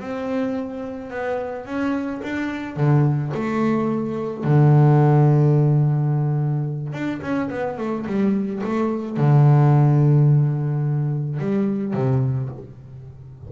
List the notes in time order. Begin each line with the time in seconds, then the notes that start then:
0.00 C4
1.11 B3
1.66 C#4
2.23 D4
2.77 D3
3.34 A3
4.44 D3
6.93 D4
7.22 C#4
7.51 B3
7.78 A3
8.07 G3
8.64 A3
9.17 D3
11.39 G3
11.94 C3